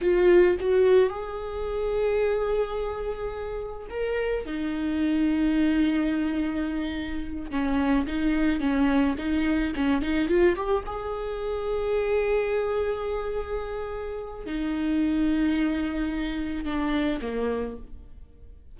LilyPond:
\new Staff \with { instrumentName = "viola" } { \time 4/4 \tempo 4 = 108 f'4 fis'4 gis'2~ | gis'2. ais'4 | dis'1~ | dis'4. cis'4 dis'4 cis'8~ |
cis'8 dis'4 cis'8 dis'8 f'8 g'8 gis'8~ | gis'1~ | gis'2 dis'2~ | dis'2 d'4 ais4 | }